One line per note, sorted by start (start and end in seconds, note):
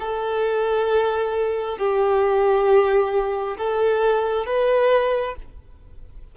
0.00 1.78 A4
1.78 3.57 G4
3.58 4.47 A4
4.47 5.36 B4